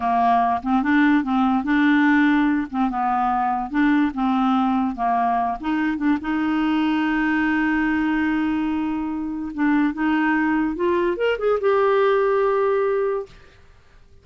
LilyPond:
\new Staff \with { instrumentName = "clarinet" } { \time 4/4 \tempo 4 = 145 ais4. c'8 d'4 c'4 | d'2~ d'8 c'8 b4~ | b4 d'4 c'2 | ais4. dis'4 d'8 dis'4~ |
dis'1~ | dis'2. d'4 | dis'2 f'4 ais'8 gis'8 | g'1 | }